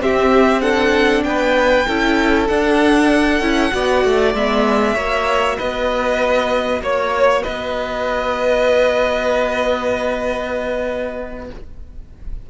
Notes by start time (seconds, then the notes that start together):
0.00 C4 G4 E5
0.61 D4 A4 F#5
1.23 B3 B4 G5
1.87 C#4 E4 A4
2.47 D4 F#5
3.40 C#4 E4
3.71 B3 F#4 D5
4.05 A3
4.34 G#3 B3 E5
4.94 A#3 F#4 C#5
5.57 B3 B4 D#5
6.81 A#3 C#5
7.43 B3 B4 D#5